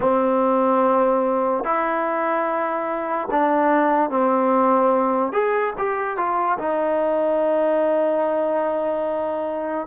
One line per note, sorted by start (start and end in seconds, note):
0.00 1.64 C4
1.64 3.28 E4
3.30 4.09 D4
4.09 5.32 C4
5.32 5.73 G#4
5.78 6.16 G4
6.16 6.58 F4
6.59 9.87 D#4